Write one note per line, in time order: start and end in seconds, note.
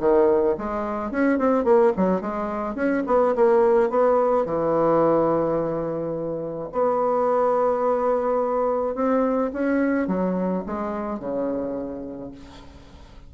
0.00 0.56 D#3
0.58 1.11 G#3
1.11 1.39 C#4
1.39 1.65 C4
1.65 1.93 A#3
1.97 2.21 F#3
2.21 2.75 G#3
2.75 3.03 C#4
3.07 3.35 B3
3.36 3.90 A#3
3.90 4.46 B3
4.46 6.70 E3
6.73 8.95 B3
8.95 9.51 C4
9.53 10.08 C#4
10.08 10.64 F#3
10.67 11.20 G#3
11.20 12.32 C#3